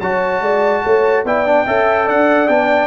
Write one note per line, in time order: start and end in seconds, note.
0.00 0.41 F#3
0.00 1.26 F#4
0.00 0.42 C#5
0.00 1.24 A5
0.41 0.82 G#3
0.41 0.83 D5
0.83 1.24 A3
0.83 1.25 C#5
1.24 1.65 B3
1.24 1.45 E4
1.24 1.65 D5
1.24 2.08 G5
1.45 1.66 D4
1.65 2.07 C#4
1.65 2.49 A4
1.65 2.06 E5
2.06 2.48 D4
2.06 2.87 D5
2.06 2.48 F#5
2.48 2.87 B3
2.48 2.87 D4
2.48 2.87 G5